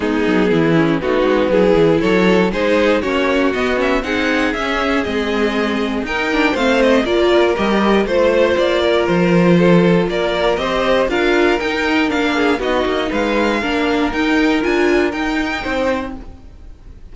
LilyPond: <<
  \new Staff \with { instrumentName = "violin" } { \time 4/4 \tempo 4 = 119 gis'2 fis'4 gis'4 | cis''4 c''4 cis''4 dis''8 e''8 | fis''4 e''4 dis''2 | g''4 f''8 dis''8 d''4 dis''4 |
c''4 d''4 c''2 | d''4 dis''4 f''4 g''4 | f''4 dis''4 f''2 | g''4 gis''4 g''2 | }
  \new Staff \with { instrumentName = "violin" } { \time 4/4 dis'4 e'4 b2 | a'4 gis'4 fis'2 | gis'1 | ais'4 c''4 ais'2 |
c''4. ais'4. a'4 | ais'4 c''4 ais'2~ | ais'8 gis'8 fis'4 b'4 ais'4~ | ais'2. c''4 | }
  \new Staff \with { instrumentName = "viola" } { \time 4/4 b4. cis'8 dis'4 e'4~ | e'4 dis'4 cis'4 b8 cis'8 | dis'4 cis'4 c'2 | dis'8 d'8 c'4 f'4 g'4 |
f'1~ | f'4 g'4 f'4 dis'4 | d'4 dis'2 d'4 | dis'4 f'4 dis'2 | }
  \new Staff \with { instrumentName = "cello" } { \time 4/4 gis8 fis8 e4 a8 gis8 fis8 e8 | fis4 gis4 ais4 b4 | c'4 cis'4 gis2 | dis'4 a4 ais4 g4 |
a4 ais4 f2 | ais4 c'4 d'4 dis'4 | ais4 b8 ais8 gis4 ais4 | dis'4 d'4 dis'4 c'4 | }
>>